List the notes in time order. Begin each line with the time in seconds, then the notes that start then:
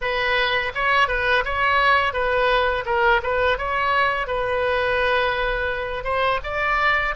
0.01 B4
0.74 C#5
1.08 B4
1.44 C#5
2.13 B4
2.85 A#4
3.22 B4
3.57 C#5
4.27 B4
6.04 C5
6.43 D5